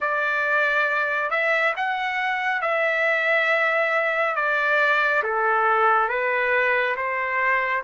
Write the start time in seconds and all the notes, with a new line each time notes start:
0.00 D5
1.30 E5
1.76 F#5
2.61 E5
4.35 D5
5.23 A4
6.08 B4
6.96 C5